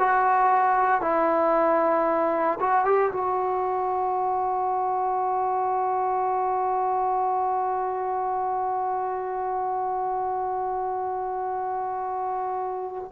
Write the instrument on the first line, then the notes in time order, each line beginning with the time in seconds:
trombone
0.00 F#4
1.01 E4
2.60 F#4
2.85 G4
3.13 F#4